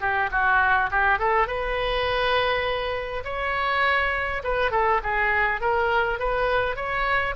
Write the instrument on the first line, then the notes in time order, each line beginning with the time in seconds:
oboe
0.00 G4
0.31 F#4
0.90 G4
1.18 A4
1.47 B4
3.24 C#5
4.43 B4
4.71 A4
5.03 G#4
5.60 A#4
6.19 B4
6.75 C#5